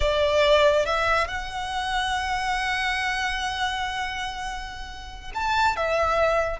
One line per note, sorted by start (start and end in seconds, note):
0.00 0.85 D5
0.85 1.27 E5
1.27 5.32 F#5
5.34 5.76 A5
5.76 6.59 E5